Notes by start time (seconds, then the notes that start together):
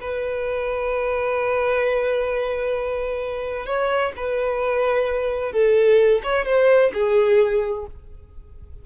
0.00 B4
3.66 C#5
4.16 B4
5.52 A4
6.23 C#5
6.45 C5
6.93 G#4